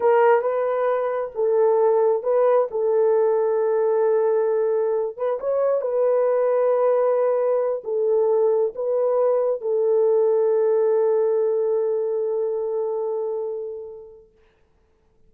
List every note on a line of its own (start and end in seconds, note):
0.00 0.41 A#4
0.41 1.31 B4
1.35 2.23 A4
2.23 2.67 B4
2.70 5.16 A4
5.16 5.39 B4
5.40 5.81 C#5
5.81 7.82 B4
7.84 8.73 A4
8.75 9.61 B4
9.61 14.31 A4